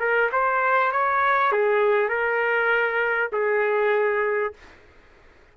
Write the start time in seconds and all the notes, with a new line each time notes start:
0.00 A#4
0.33 C5
0.93 C#5
1.52 G#4
2.09 A#4
3.33 G#4